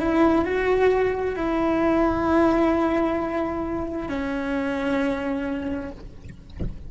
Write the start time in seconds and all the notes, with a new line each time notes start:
0.00 E4
0.45 F#4
1.36 E4
4.09 C#4